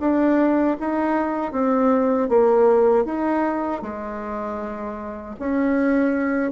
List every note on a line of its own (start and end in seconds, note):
0.00 0.77 D4
0.80 1.52 D#4
1.52 2.29 C4
2.29 3.05 A#3
3.05 3.82 D#4
3.82 5.36 G#3
5.39 6.52 C#4